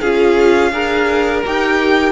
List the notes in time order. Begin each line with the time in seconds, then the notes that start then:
0.00 C#4 F4 G#4 F5
0.71 D4 G#4 A#4
1.45 D#4 G4 G5